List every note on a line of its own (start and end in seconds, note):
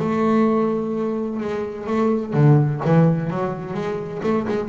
0.00 1.41 A3
1.41 1.87 G#3
1.87 2.34 A3
2.34 2.81 D3
2.86 3.31 E3
3.31 3.74 F#3
3.74 4.22 G#3
4.23 4.47 A3
4.49 4.69 G#3